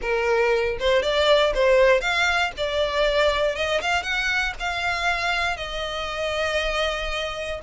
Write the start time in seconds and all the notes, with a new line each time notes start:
0.01 A#4
0.79 C5
1.02 D5
1.54 C5
2.00 F5
2.57 D5
3.55 D#5
3.81 F5
4.02 F#5
4.59 F5
5.56 D#5